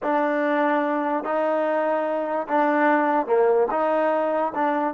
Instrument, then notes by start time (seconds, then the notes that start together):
trombone
0.02 D4
1.23 D#4
2.48 D4
3.26 A#3
3.70 D#4
4.54 D4